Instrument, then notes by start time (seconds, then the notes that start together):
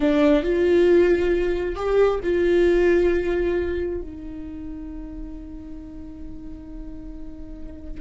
viola
0.00 D4
0.43 F4
1.75 G4
2.23 F4
4.01 D#4